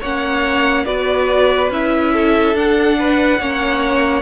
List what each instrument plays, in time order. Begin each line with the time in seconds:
0.00 cello A#3, viola C#4, violin C#5 F#5
0.85 cello B3, viola F#4, violin B4 D5
1.70 cello C#4, viola E4, violin E5
2.13 violin A4
2.54 cello D4, viola D4, violin F#5
2.99 violin B4
3.39 cello A#3, viola C#4, violin C#5